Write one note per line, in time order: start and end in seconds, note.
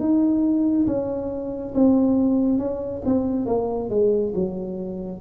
0.00 0.87 D#4
0.87 1.74 C#4
1.75 2.59 C4
2.59 3.02 C#4
3.06 3.46 C4
3.46 3.90 A#3
3.90 4.33 G#3
4.35 5.21 F#3